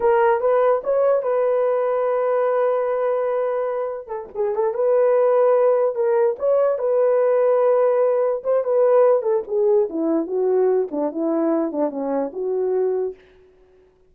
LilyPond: \new Staff \with { instrumentName = "horn" } { \time 4/4 \tempo 4 = 146 ais'4 b'4 cis''4 b'4~ | b'1~ | b'2 a'8 gis'8 a'8 b'8~ | b'2~ b'8 ais'4 cis''8~ |
cis''8 b'2.~ b'8~ | b'8 c''8 b'4. a'8 gis'4 | e'4 fis'4. d'8 e'4~ | e'8 d'8 cis'4 fis'2 | }